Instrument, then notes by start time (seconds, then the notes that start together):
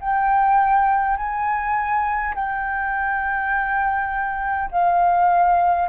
flute
0.00 G5
1.17 G#5
2.35 G5
4.71 F5